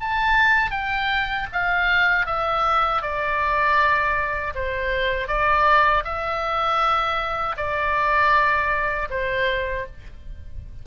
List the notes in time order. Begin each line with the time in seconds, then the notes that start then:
0.00 A5
0.70 G5
1.52 F5
2.26 E5
3.02 D5
4.55 C5
5.28 D5
6.04 E5
7.56 D5
9.10 C5